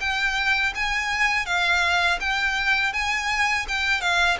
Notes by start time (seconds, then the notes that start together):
0.00 G5
0.75 G#5
1.46 F5
2.20 G5
2.93 G#5
3.68 G5
4.01 F5